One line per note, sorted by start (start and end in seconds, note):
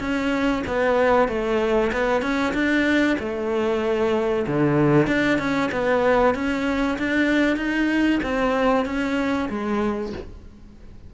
0.00 0.63 C#4
0.67 1.28 B3
1.28 1.91 A3
1.92 2.22 B3
2.22 2.53 C#4
2.54 3.17 D4
3.20 4.46 A3
4.47 5.07 D3
5.07 5.39 D4
5.39 5.70 C#4
5.72 6.35 B3
6.35 6.98 C#4
6.98 7.57 D4
7.57 8.20 D#4
8.23 8.86 C4
8.86 9.49 C#4
9.49 10.13 G#3